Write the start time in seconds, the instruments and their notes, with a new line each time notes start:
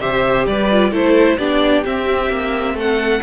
0.00 cello C3, viola G4, violin C5 E5
0.46 cello G3, violin B4 D5
0.72 viola F4
0.91 cello A3, viola E4, violin A4 C5
1.38 cello B3, viola D4, violin G4 D5
1.84 viola C4, cello C4, violin E5
2.29 cello A#3
2.74 cello A3, violin A4 F#5